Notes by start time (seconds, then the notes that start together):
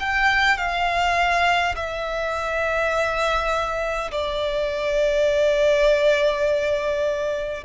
0.00 G5
0.58 F5
1.76 E5
4.12 D5